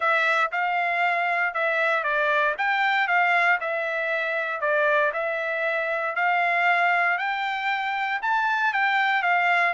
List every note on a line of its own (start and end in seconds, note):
0.00 0.51 E5
0.51 1.54 F5
1.54 2.03 E5
2.03 2.55 D5
2.58 3.07 G5
3.07 3.59 F5
3.60 4.60 E5
4.60 5.11 D5
5.13 6.15 E5
6.15 7.18 F5
7.18 8.20 G5
8.22 8.73 A5
8.73 9.22 G5
9.22 9.73 F5